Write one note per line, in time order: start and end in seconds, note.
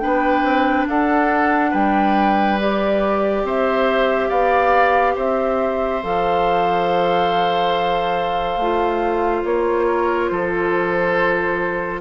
0.00 0.44 B3
0.00 2.59 D4
0.00 0.89 B4
0.00 0.86 G5
0.44 0.86 C4
0.89 1.74 D4
0.89 1.71 A4
0.89 1.74 F#5
1.71 3.44 G3
1.71 3.42 B4
1.71 2.60 G5
2.59 6.02 G4
2.59 3.46 D5
3.44 4.30 C4
3.44 4.29 C5
3.44 4.30 E5
4.29 5.16 B3
4.29 5.15 D5
4.29 5.16 F5
5.16 6.03 C4
5.16 9.87 C5
5.16 6.03 E5
6.03 8.57 F3
6.03 8.60 A4
6.03 9.45 F5
8.57 9.43 A3
8.57 12.01 F4
9.45 10.31 A#3
9.45 10.29 C#5
9.88 10.31 A#4
10.29 12.01 F3
10.29 12.01 A4
10.29 12.01 C5